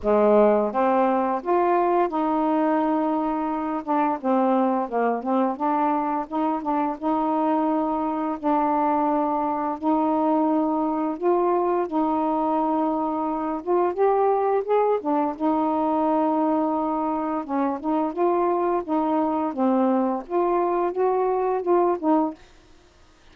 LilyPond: \new Staff \with { instrumentName = "saxophone" } { \time 4/4 \tempo 4 = 86 gis4 c'4 f'4 dis'4~ | dis'4. d'8 c'4 ais8 c'8 | d'4 dis'8 d'8 dis'2 | d'2 dis'2 |
f'4 dis'2~ dis'8 f'8 | g'4 gis'8 d'8 dis'2~ | dis'4 cis'8 dis'8 f'4 dis'4 | c'4 f'4 fis'4 f'8 dis'8 | }